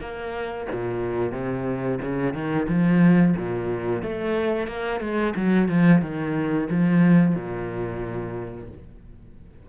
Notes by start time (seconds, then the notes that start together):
0.00 A#3
0.72 A#2
1.32 C3
2.01 C#3
2.33 D#3
2.68 F3
3.36 A#2
4.02 A3
4.67 A#3
5.00 G#3
5.36 F#3
5.68 F3
6.02 D#3
6.70 F3
7.35 A#2